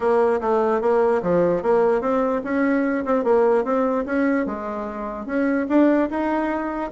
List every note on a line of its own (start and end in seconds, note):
0.00 0.40 A#3
0.41 0.81 A3
0.81 1.21 A#3
1.22 1.62 F3
1.62 2.01 A#3
2.01 2.41 C4
2.44 3.05 C#4
3.05 3.24 C4
3.24 3.64 A#3
3.64 4.04 C4
4.05 4.46 C#4
4.46 5.26 G#3
5.26 5.66 C#4
5.68 6.09 D4
6.10 6.91 D#4